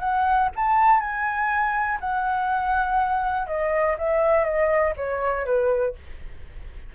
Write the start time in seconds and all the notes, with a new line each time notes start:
0.00 F#5
0.56 A5
1.01 G#5
2.01 F#5
3.47 D#5
3.98 E5
4.45 D#5
4.97 C#5
5.46 B4